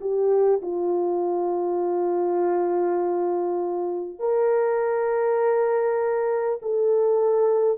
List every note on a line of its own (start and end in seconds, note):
0.00 0.60 G4
0.62 4.19 F4
4.19 6.59 A#4
6.62 7.78 A4